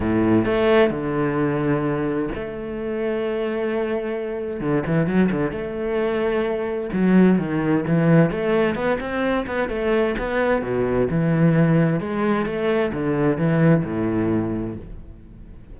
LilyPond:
\new Staff \with { instrumentName = "cello" } { \time 4/4 \tempo 4 = 130 a,4 a4 d2~ | d4 a2.~ | a2 d8 e8 fis8 d8 | a2. fis4 |
dis4 e4 a4 b8 c'8~ | c'8 b8 a4 b4 b,4 | e2 gis4 a4 | d4 e4 a,2 | }